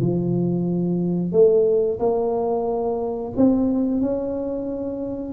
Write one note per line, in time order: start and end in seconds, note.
0.00 1.32 F3
1.32 1.99 A3
2.00 3.33 A#3
3.37 4.02 C4
4.02 5.33 C#4